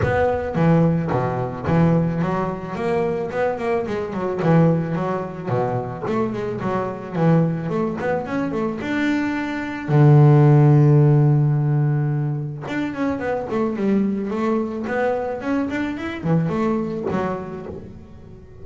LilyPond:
\new Staff \with { instrumentName = "double bass" } { \time 4/4 \tempo 4 = 109 b4 e4 b,4 e4 | fis4 ais4 b8 ais8 gis8 fis8 | e4 fis4 b,4 a8 gis8 | fis4 e4 a8 b8 cis'8 a8 |
d'2 d2~ | d2. d'8 cis'8 | b8 a8 g4 a4 b4 | cis'8 d'8 e'8 e8 a4 fis4 | }